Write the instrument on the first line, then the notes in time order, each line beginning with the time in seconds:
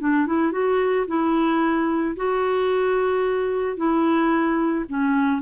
clarinet
0.00 D4
0.27 E4
0.52 F#4
1.08 E4
2.16 F#4
3.77 E4
4.89 C#4